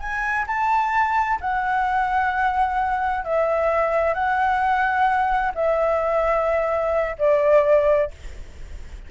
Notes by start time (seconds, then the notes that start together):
0.00 G#5
0.47 A5
1.41 F#5
3.25 E5
4.15 F#5
5.55 E5
7.19 D5